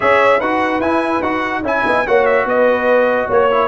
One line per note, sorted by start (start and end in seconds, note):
0.00 0.40 C#4
0.00 0.40 G#4
0.00 0.38 C#5
0.00 0.40 E5
0.38 0.79 D#4
0.38 0.82 F#4
0.38 1.61 B4
0.38 0.81 F#5
0.79 1.20 E4
0.79 1.22 E4
0.79 1.22 G#5
1.22 1.62 D#4
1.22 1.63 F#4
1.22 1.63 F#5
1.62 1.82 C#4
1.62 2.06 E4
1.62 1.85 E5
1.62 2.07 G#5
1.85 2.06 B3
1.85 2.06 D#5
2.06 2.45 A#3
2.06 3.50 F#4
2.06 2.45 C#5
2.06 2.25 F#5
2.25 2.46 E5
2.45 3.27 B3
2.45 3.27 B4
2.45 3.30 D#5
3.27 3.67 A#3
3.27 3.67 C#5
3.51 3.67 E4